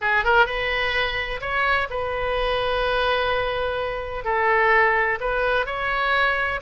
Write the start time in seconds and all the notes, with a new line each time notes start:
0.01 G#4
0.24 A#4
0.46 B4
1.40 C#5
1.89 B4
4.24 A4
5.20 B4
5.66 C#5